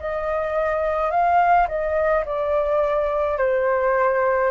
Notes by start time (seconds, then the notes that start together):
0.00 D#5
1.11 F5
1.68 D#5
2.25 D5
3.38 C5